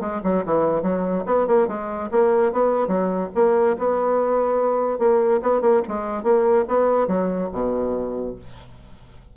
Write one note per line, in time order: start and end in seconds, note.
0.00 0.21 G#3
0.23 0.44 F#3
0.45 0.82 E3
0.82 1.24 F#3
1.26 1.47 B3
1.47 1.67 A#3
1.67 2.09 G#3
2.11 2.52 A#3
2.52 2.87 B3
2.87 3.29 F#3
3.34 3.76 A#3
3.78 4.98 B3
4.98 5.40 A#3
5.42 5.61 B3
5.61 5.81 A#3
5.88 6.23 G#3
6.23 6.64 A#3
6.67 7.07 B3
7.07 7.49 F#3
7.52 8.35 B2